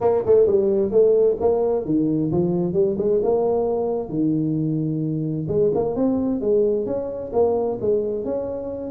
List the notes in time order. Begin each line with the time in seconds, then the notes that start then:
0.00 A#3
0.26 A3
0.46 G3
0.91 A3
1.40 A#3
1.85 D#3
2.31 F3
2.73 G3
2.98 G#3
3.22 A#3
4.09 D#3
5.48 G#3
5.74 A#3
5.95 C4
6.40 G#3
6.86 C#4
7.32 A#3
7.80 G#3
8.24 C#4